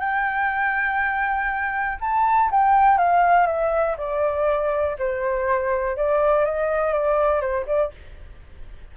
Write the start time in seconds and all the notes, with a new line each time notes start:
0.00 G5
2.01 A5
2.51 G5
2.98 F5
3.47 E5
3.98 D5
4.99 C5
5.97 D5
6.45 D#5
6.93 D5
7.41 C5
7.67 D5